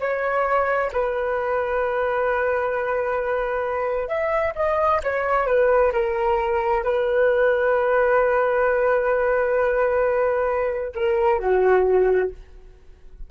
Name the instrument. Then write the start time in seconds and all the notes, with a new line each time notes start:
flute
0.00 C#5
0.93 B4
4.08 E5
4.56 D#5
5.04 C#5
5.47 B4
5.93 A#4
6.83 B4
10.95 A#4
11.39 F#4